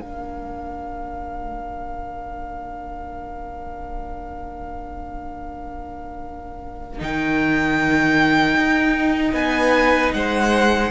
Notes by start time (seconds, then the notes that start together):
0.00 A#3 D4 A#4 F5
6.99 D#3 D#4 G5
8.57 D#4
9.33 B3 B4 G#5
10.14 G#3 C5 F#5